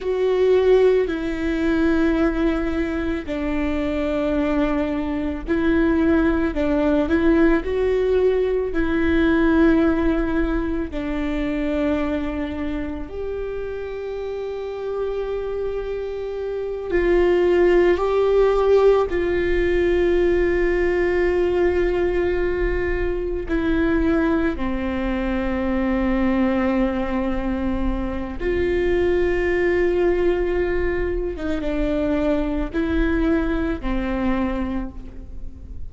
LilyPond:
\new Staff \with { instrumentName = "viola" } { \time 4/4 \tempo 4 = 55 fis'4 e'2 d'4~ | d'4 e'4 d'8 e'8 fis'4 | e'2 d'2 | g'2.~ g'8 f'8~ |
f'8 g'4 f'2~ f'8~ | f'4. e'4 c'4.~ | c'2 f'2~ | f'8. dis'16 d'4 e'4 c'4 | }